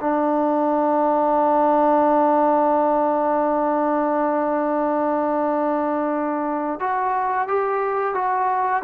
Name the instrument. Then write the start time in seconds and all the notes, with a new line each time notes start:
trombone
0.00 D4
6.80 F#4
7.48 G4
8.14 F#4